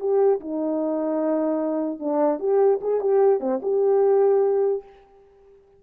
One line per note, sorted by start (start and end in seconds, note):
0.00 0.40 G4
0.40 2.00 D#4
2.00 2.40 D4
2.40 2.80 G4
2.82 3.01 G#4
3.01 3.40 G4
3.40 3.61 C4
3.63 4.83 G4